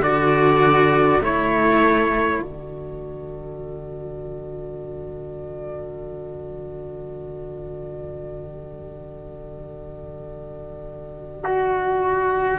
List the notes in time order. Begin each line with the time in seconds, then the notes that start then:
0.00 D3 F#4 A4 D5
1.21 A3 E4 C#5
2.39 D3 F#4 D5
11.44 F#4